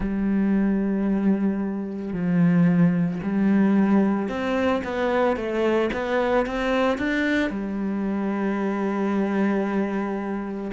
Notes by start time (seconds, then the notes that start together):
0.00 G3
2.12 F3
3.22 G3
4.29 C4
4.84 B3
5.36 A3
5.93 B3
6.46 C4
6.98 D4
7.50 G3